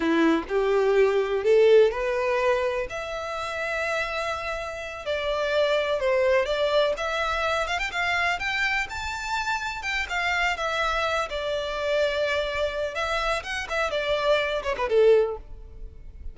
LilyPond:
\new Staff \with { instrumentName = "violin" } { \time 4/4 \tempo 4 = 125 e'4 g'2 a'4 | b'2 e''2~ | e''2~ e''8 d''4.~ | d''8 c''4 d''4 e''4. |
f''16 g''16 f''4 g''4 a''4.~ | a''8 g''8 f''4 e''4. d''8~ | d''2. e''4 | fis''8 e''8 d''4. cis''16 b'16 a'4 | }